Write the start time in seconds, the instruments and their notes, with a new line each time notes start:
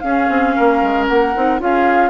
0.00 bassoon C#4, clarinet C#4, oboe G#4, flute F5
0.28 bassoon C4
0.56 bassoon A#3, oboe A#4
0.82 bassoon G#3
1.08 bassoon A#3, flute F#5
1.35 bassoon C4, clarinet D#4
1.59 bassoon C#4, clarinet F4, oboe G#4, flute F5